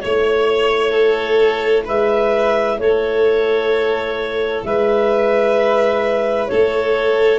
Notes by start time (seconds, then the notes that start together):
0.00 A3 E4 C#5
0.91 A4
1.85 G#3 B4 E5
2.78 A3 A4 C#5
4.64 G#3 B4 E5
6.47 A3 A4 C#5